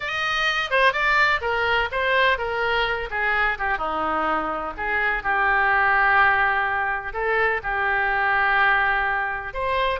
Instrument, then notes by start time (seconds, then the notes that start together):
oboe
0.00 D#5
0.70 C5
0.92 D5
1.41 A#4
1.91 C5
2.37 A#4
3.10 G#4
3.58 G4
3.78 D#4
4.77 G#4
5.23 G4
7.13 A4
7.63 G4
9.53 C5